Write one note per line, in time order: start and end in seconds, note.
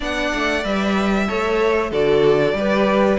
0.00 0.32 B3
0.00 0.62 D4
0.00 1.27 D5
0.00 0.64 F#5
0.34 0.64 A3
0.62 1.28 G3
0.62 1.26 B4
0.62 1.92 E5
1.27 1.91 A3
1.27 1.91 A4
1.27 1.90 C#5
1.90 2.53 D3
1.90 2.56 F#4
1.90 2.54 A4
1.90 3.18 D5
2.53 3.17 G3
2.53 3.18 G4
2.53 3.18 B4